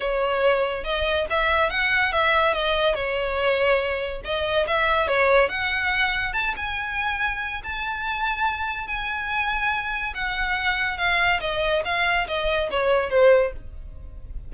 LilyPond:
\new Staff \with { instrumentName = "violin" } { \time 4/4 \tempo 4 = 142 cis''2 dis''4 e''4 | fis''4 e''4 dis''4 cis''4~ | cis''2 dis''4 e''4 | cis''4 fis''2 a''8 gis''8~ |
gis''2 a''2~ | a''4 gis''2. | fis''2 f''4 dis''4 | f''4 dis''4 cis''4 c''4 | }